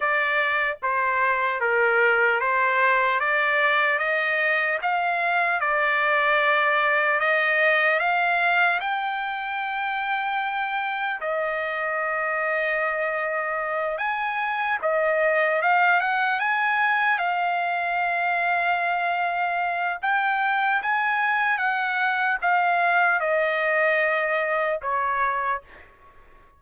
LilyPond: \new Staff \with { instrumentName = "trumpet" } { \time 4/4 \tempo 4 = 75 d''4 c''4 ais'4 c''4 | d''4 dis''4 f''4 d''4~ | d''4 dis''4 f''4 g''4~ | g''2 dis''2~ |
dis''4. gis''4 dis''4 f''8 | fis''8 gis''4 f''2~ f''8~ | f''4 g''4 gis''4 fis''4 | f''4 dis''2 cis''4 | }